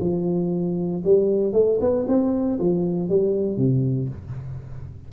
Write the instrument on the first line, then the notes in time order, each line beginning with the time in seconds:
tuba
0.00 F3
1.04 G3
1.52 A3
1.80 B3
2.07 C4
2.59 F3
3.09 G3
3.57 C3